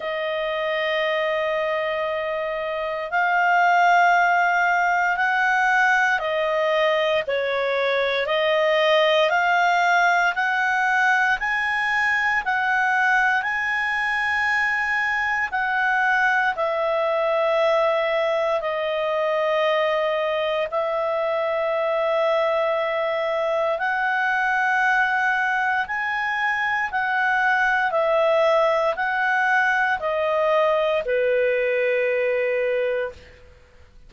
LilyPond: \new Staff \with { instrumentName = "clarinet" } { \time 4/4 \tempo 4 = 58 dis''2. f''4~ | f''4 fis''4 dis''4 cis''4 | dis''4 f''4 fis''4 gis''4 | fis''4 gis''2 fis''4 |
e''2 dis''2 | e''2. fis''4~ | fis''4 gis''4 fis''4 e''4 | fis''4 dis''4 b'2 | }